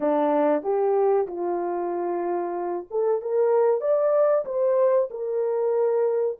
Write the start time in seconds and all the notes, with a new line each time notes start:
0.00 D4
0.62 G4
1.27 F4
2.90 A4
3.21 A#4
3.81 D5
4.45 C5
5.10 A#4